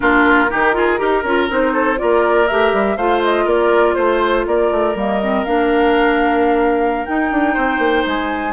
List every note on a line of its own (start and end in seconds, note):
0.00 0.51 A#3
0.00 0.48 D4
0.00 0.50 F4
0.00 1.47 A#4
0.48 1.00 D#3
0.48 0.73 D#4
0.48 0.75 G4
0.73 0.98 F4
0.73 0.99 G#4
0.98 1.23 D#4
0.98 1.23 G4
0.98 1.73 A#4
1.23 1.48 C#4
1.23 1.49 F4
1.49 1.99 C4
1.49 1.96 D#4
1.49 1.98 C5
1.73 1.98 A4
1.96 2.51 A#3
1.96 2.46 F4
1.96 2.96 A#4
1.96 2.47 D5
2.47 2.72 A3
2.47 2.98 G4
2.47 2.97 E5
2.72 2.96 G3
2.96 3.45 A3
2.96 4.95 F4
2.96 3.45 C5
2.96 3.21 F5
3.23 3.48 D#5
3.45 3.95 A#3
3.45 3.94 A#4
3.45 3.94 D5
3.94 4.46 A3
3.94 4.43 C5
3.94 4.45 C5
4.46 4.71 A#3
4.46 7.53 A#4
4.46 4.96 D5
4.71 4.95 A3
4.95 5.44 G3
4.95 5.20 A#3
4.95 5.44 D#5
5.22 5.46 C4
5.44 7.08 A#3
5.44 7.07 D4
5.44 7.05 F5
7.05 8.53 D#4
7.05 7.31 D#4
7.05 8.04 G5
7.31 7.56 D4
7.53 7.78 C4
7.53 8.52 C5
7.78 8.03 A#3
8.06 8.53 G#3
8.06 8.53 G#5